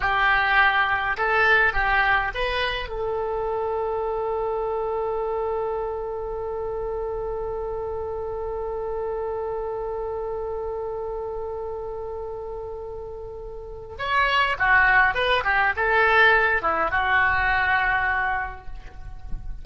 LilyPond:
\new Staff \with { instrumentName = "oboe" } { \time 4/4 \tempo 4 = 103 g'2 a'4 g'4 | b'4 a'2.~ | a'1~ | a'1~ |
a'1~ | a'1 | cis''4 fis'4 b'8 g'8 a'4~ | a'8 e'8 fis'2. | }